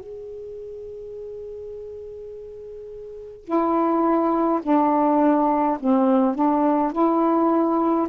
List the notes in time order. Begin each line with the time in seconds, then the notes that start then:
0.00 G#4
3.45 E4
4.63 D4
5.80 C4
6.35 D4
6.92 E4